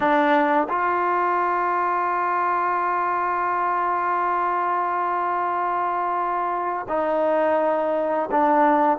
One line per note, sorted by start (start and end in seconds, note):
0.00 0.67 D4
0.68 6.86 F4
6.88 8.29 D#4
8.31 8.98 D4